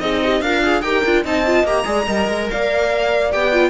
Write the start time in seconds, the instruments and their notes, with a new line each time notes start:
0.00 cello C4, viola D#4, horn G#4, violin D#5
0.23 horn G4
0.41 cello D4, horn F4, viola A#4, violin F5
0.63 viola G#4
0.81 cello D#4, viola G4, horn A#4, violin G5
1.05 cello D4, viola F4
1.24 cello C4, viola D#4, horn D#5, violin A5
1.46 viola F4
1.63 cello A#3, viola G4, violin A#5
1.85 cello G#3, viola G#4, horn D5
2.06 cello G3, viola A#4, horn D#5
2.29 cello G#3
2.51 cello A#3, horn D5, violin F5
3.32 cello B3, viola G4, violin G5
3.53 viola F4